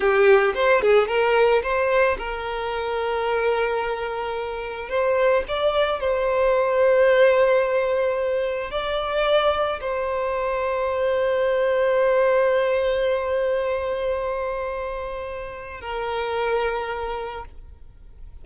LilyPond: \new Staff \with { instrumentName = "violin" } { \time 4/4 \tempo 4 = 110 g'4 c''8 gis'8 ais'4 c''4 | ais'1~ | ais'4 c''4 d''4 c''4~ | c''1 |
d''2 c''2~ | c''1~ | c''1~ | c''4 ais'2. | }